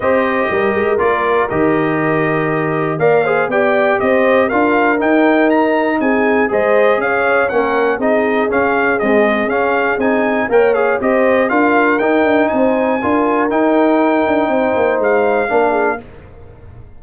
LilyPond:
<<
  \new Staff \with { instrumentName = "trumpet" } { \time 4/4 \tempo 4 = 120 dis''2 d''4 dis''4~ | dis''2 f''4 g''4 | dis''4 f''4 g''4 ais''4 | gis''4 dis''4 f''4 fis''4 |
dis''4 f''4 dis''4 f''4 | gis''4 g''8 f''8 dis''4 f''4 | g''4 gis''2 g''4~ | g''2 f''2 | }
  \new Staff \with { instrumentName = "horn" } { \time 4/4 c''4 ais'2.~ | ais'2 d''8 c''8 d''4 | c''4 ais'2. | gis'4 c''4 cis''4 ais'4 |
gis'1~ | gis'4 cis''4 c''4 ais'4~ | ais'4 c''4 ais'2~ | ais'4 c''2 ais'8 gis'8 | }
  \new Staff \with { instrumentName = "trombone" } { \time 4/4 g'2 f'4 g'4~ | g'2 ais'8 gis'8 g'4~ | g'4 f'4 dis'2~ | dis'4 gis'2 cis'4 |
dis'4 cis'4 gis4 cis'4 | dis'4 ais'8 gis'8 g'4 f'4 | dis'2 f'4 dis'4~ | dis'2. d'4 | }
  \new Staff \with { instrumentName = "tuba" } { \time 4/4 c'4 g8 gis8 ais4 dis4~ | dis2 ais4 b4 | c'4 d'4 dis'2 | c'4 gis4 cis'4 ais4 |
c'4 cis'4 c'4 cis'4 | c'4 ais4 c'4 d'4 | dis'8 d'8 c'4 d'4 dis'4~ | dis'8 d'8 c'8 ais8 gis4 ais4 | }
>>